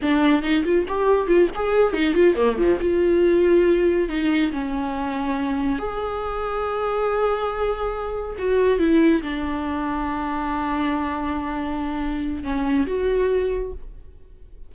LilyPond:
\new Staff \with { instrumentName = "viola" } { \time 4/4 \tempo 4 = 140 d'4 dis'8 f'8 g'4 f'8 gis'8~ | gis'8 dis'8 f'8 ais8 f8 f'4.~ | f'4. dis'4 cis'4.~ | cis'4. gis'2~ gis'8~ |
gis'2.~ gis'8 fis'8~ | fis'8 e'4 d'2~ d'8~ | d'1~ | d'4 cis'4 fis'2 | }